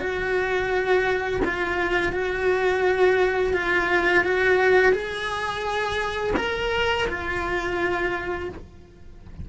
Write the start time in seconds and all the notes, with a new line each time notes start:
0.00 F#4
1.45 F4
2.13 F#4
3.54 F4
4.24 F#4
4.93 G#4
6.37 A#4
7.08 F4